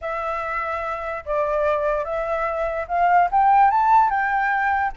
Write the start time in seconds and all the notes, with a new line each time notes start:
0.01 E5
1.25 D5
2.04 E5
2.88 F5
3.31 G5
3.70 A5
4.09 G5